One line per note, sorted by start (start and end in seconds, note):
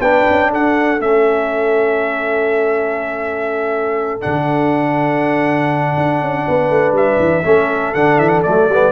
0.00 0.25 B3
0.00 1.00 D4
0.00 0.51 B4
0.00 0.51 G5
0.30 0.54 C#4
0.51 1.00 D4
0.51 6.46 A4
0.51 1.01 F#5
1.00 4.22 A3
1.00 4.21 C#4
1.00 4.22 E5
4.21 5.97 D3
4.21 7.44 D4
4.21 6.94 F#5
5.97 6.22 D4
6.22 6.46 C#4
6.48 6.70 B3
6.48 7.46 B4
6.70 6.93 A3
6.93 7.17 G3
6.93 7.95 E5
7.20 7.44 E3
7.45 7.95 A3
7.45 7.95 C#4
7.45 8.92 A4
7.95 8.18 D3
7.95 8.45 D4
7.95 8.19 F#5
8.18 8.43 E3
8.18 8.29 E5
8.29 8.41 F#5
8.43 8.68 F#3
8.43 8.70 A3
8.43 8.92 D5
8.68 8.92 G3
8.68 8.92 B3